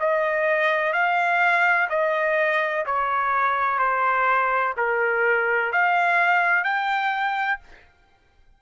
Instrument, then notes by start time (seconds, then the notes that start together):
trumpet
0.00 D#5
0.93 F5
1.90 D#5
2.86 C#5
3.78 C5
4.77 A#4
5.72 F5
6.64 G5